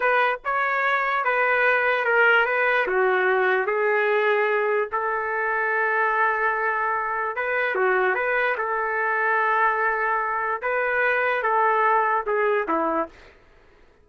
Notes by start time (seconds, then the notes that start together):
0.00 B4
0.44 C#5
1.24 B4
2.05 A#4
2.45 B4
2.87 F#4
3.66 G#4
4.91 A4
7.36 B4
7.75 F#4
8.14 B4
8.57 A4
10.61 B4
11.42 A4
12.26 G#4
12.68 E4